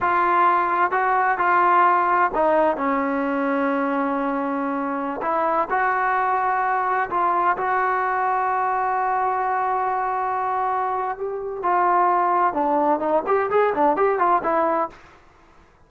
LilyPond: \new Staff \with { instrumentName = "trombone" } { \time 4/4 \tempo 4 = 129 f'2 fis'4 f'4~ | f'4 dis'4 cis'2~ | cis'2.~ cis'16 e'8.~ | e'16 fis'2. f'8.~ |
f'16 fis'2.~ fis'8.~ | fis'1 | g'4 f'2 d'4 | dis'8 g'8 gis'8 d'8 g'8 f'8 e'4 | }